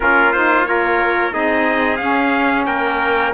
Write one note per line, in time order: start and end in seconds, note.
0.00 1.34 A#3
0.00 0.33 C#4
0.00 0.68 F4
0.00 0.32 A#4
0.32 0.64 D#4
0.32 0.65 C5
0.64 1.30 F4
0.64 1.33 A#4
0.64 1.32 C#5
1.30 2.00 C4
1.30 1.97 D#4
1.30 2.67 G#4
1.30 1.97 D#5
1.97 2.67 C#4
1.97 3.33 C#4
1.97 2.63 F5
2.66 3.33 A#3
2.66 3.33 A#4
2.66 3.32 G5